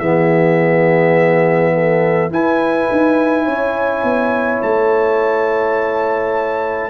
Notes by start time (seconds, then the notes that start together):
0.00 E3 B3 G#4 E5
1.74 A4
2.30 E4 B4 G#5
2.92 D#4
3.45 C#4 C#5
4.04 B3
4.62 A3 A5